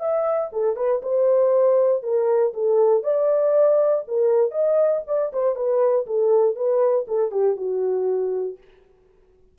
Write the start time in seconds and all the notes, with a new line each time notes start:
0.00 E5
0.53 A4
0.76 B4
1.02 C5
2.03 A#4
2.54 A4
3.03 D5
4.08 A#4
4.51 D#5
5.07 D5
5.33 C5
5.56 B4
6.07 A4
6.56 B4
7.08 A4
7.31 G4
7.57 F#4